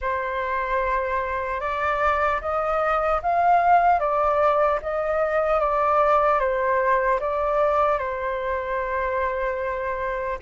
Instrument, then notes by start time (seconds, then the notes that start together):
flute
0.01 C5
1.60 D5
2.41 D#5
3.22 F5
3.99 D5
4.81 D#5
5.60 D5
6.39 C5
7.20 D5
7.98 C5